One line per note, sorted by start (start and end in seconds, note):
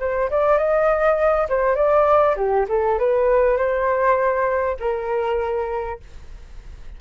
0.00 0.30 C5
0.31 0.58 D5
0.58 1.48 D#5
1.49 1.76 C5
1.76 2.36 D5
2.37 2.67 G4
2.69 2.99 A4
2.99 3.58 B4
3.58 4.78 C5
4.80 6.00 A#4